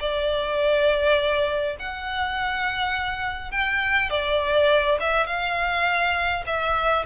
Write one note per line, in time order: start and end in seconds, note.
0.00 1.76 D5
1.79 3.51 F#5
3.51 4.10 G5
4.10 4.98 D5
5.00 5.26 E5
5.26 6.44 F5
6.47 7.05 E5